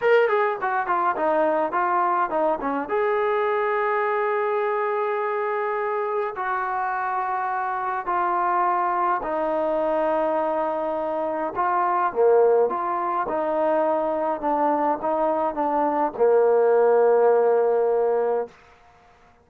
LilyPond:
\new Staff \with { instrumentName = "trombone" } { \time 4/4 \tempo 4 = 104 ais'8 gis'8 fis'8 f'8 dis'4 f'4 | dis'8 cis'8 gis'2.~ | gis'2. fis'4~ | fis'2 f'2 |
dis'1 | f'4 ais4 f'4 dis'4~ | dis'4 d'4 dis'4 d'4 | ais1 | }